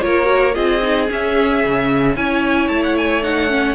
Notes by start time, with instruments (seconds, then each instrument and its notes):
0.00 cello A#3, viola F4, violin A#4 C#5
0.24 viola F#4
0.54 cello C4, viola F4, violin G#4 D#5
0.81 viola D#4
1.08 viola C#4, cello C#4, violin E5
1.64 cello C#3
2.15 cello C#4, viola E4, violin C#5 G#5
2.68 cello A3, violin A5
2.83 violin F#5
2.97 violin G#5
3.22 viola D#4, violin F#5
3.49 viola C#4